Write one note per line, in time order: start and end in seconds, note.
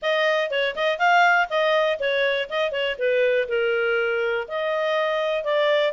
0.02 0.50 D#5
0.50 0.75 C#5
0.75 0.98 D#5
0.98 1.48 F5
1.49 1.99 D#5
1.99 2.49 C#5
2.49 2.71 D#5
2.71 2.96 C#5
2.98 3.48 B4
3.48 4.47 A#4
4.47 5.44 D#5
5.44 5.92 D5